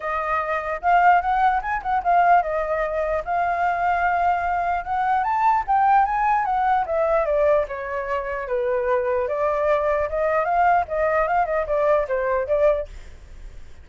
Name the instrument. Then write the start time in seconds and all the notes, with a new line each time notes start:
flute
0.00 D#5
0.81 F5
1.21 F#5
1.62 G#5
1.82 F#5
2.03 F5
2.42 D#5
3.24 F5
4.84 F#5
5.23 A5
5.67 G5
6.05 G#5
6.45 F#5
6.85 E5
7.25 D5
7.68 C#5
8.47 B4
9.28 D5
10.09 D#5
10.44 F5
10.87 D#5
11.27 F5
11.45 D#5
11.66 D5
12.08 C5
12.47 D5